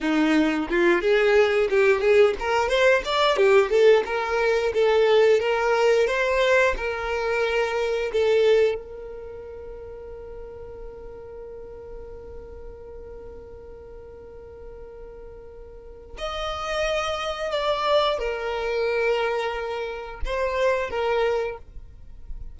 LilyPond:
\new Staff \with { instrumentName = "violin" } { \time 4/4 \tempo 4 = 89 dis'4 f'8 gis'4 g'8 gis'8 ais'8 | c''8 d''8 g'8 a'8 ais'4 a'4 | ais'4 c''4 ais'2 | a'4 ais'2.~ |
ais'1~ | ais'1 | dis''2 d''4 ais'4~ | ais'2 c''4 ais'4 | }